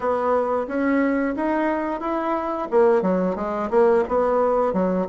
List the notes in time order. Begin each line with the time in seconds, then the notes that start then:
0.00 B3
0.67 C#4
1.35 D#4
2.00 E4
2.70 A#3
3.02 F#3
3.35 G#3
3.70 A#3
4.08 B3
4.73 F#3